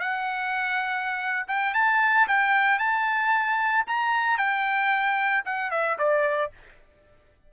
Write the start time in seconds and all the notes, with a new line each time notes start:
0.00 F#5
1.48 G5
1.74 A5
2.28 G5
2.79 A5
3.87 A#5
4.38 G5
5.45 F#5
5.71 E5
5.99 D5